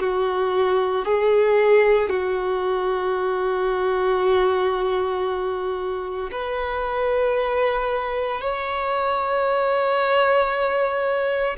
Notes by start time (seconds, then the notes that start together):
0.00 F#4
1.05 G#4
2.10 F#4
6.32 B4
8.41 C#5